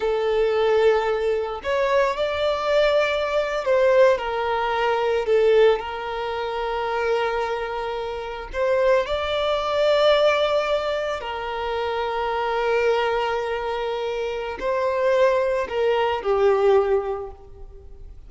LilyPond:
\new Staff \with { instrumentName = "violin" } { \time 4/4 \tempo 4 = 111 a'2. cis''4 | d''2~ d''8. c''4 ais'16~ | ais'4.~ ais'16 a'4 ais'4~ ais'16~ | ais'2.~ ais'8. c''16~ |
c''8. d''2.~ d''16~ | d''8. ais'2.~ ais'16~ | ais'2. c''4~ | c''4 ais'4 g'2 | }